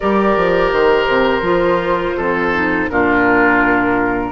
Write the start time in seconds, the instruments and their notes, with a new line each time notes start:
0.00 bassoon G3, clarinet G4, oboe A#4, flute D5
0.36 bassoon F3
0.72 bassoon D#3, flute C5
1.08 bassoon C3
1.41 bassoon F3, clarinet F4
2.17 bassoon F2, oboe A4
2.53 clarinet D#4
2.89 bassoon A#2, clarinet D4, oboe F4, flute A#4